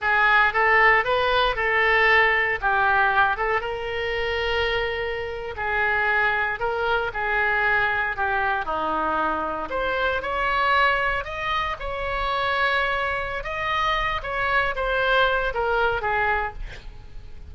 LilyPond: \new Staff \with { instrumentName = "oboe" } { \time 4/4 \tempo 4 = 116 gis'4 a'4 b'4 a'4~ | a'4 g'4. a'8 ais'4~ | ais'2~ ais'8. gis'4~ gis'16~ | gis'8. ais'4 gis'2 g'16~ |
g'8. dis'2 c''4 cis''16~ | cis''4.~ cis''16 dis''4 cis''4~ cis''16~ | cis''2 dis''4. cis''8~ | cis''8 c''4. ais'4 gis'4 | }